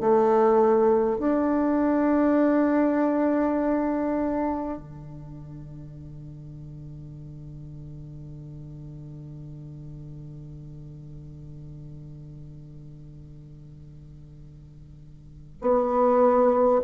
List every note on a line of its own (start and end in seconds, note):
0.00 1.19 A3
1.19 4.78 D4
4.78 15.58 D3
15.62 16.82 B3